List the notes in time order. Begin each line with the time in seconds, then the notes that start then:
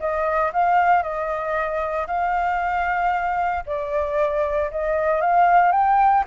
0.00 D#5
0.53 F5
1.03 D#5
2.08 F5
3.67 D5
4.71 D#5
5.21 F5
5.72 G5